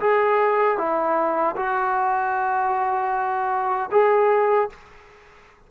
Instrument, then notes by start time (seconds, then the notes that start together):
trombone
0.00 G#4
0.78 E4
1.56 F#4
3.92 G#4